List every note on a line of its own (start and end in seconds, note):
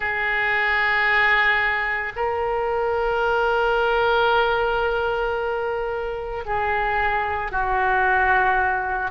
0.00 2.12 G#4
2.16 6.44 A#4
6.45 7.51 G#4
7.51 9.11 F#4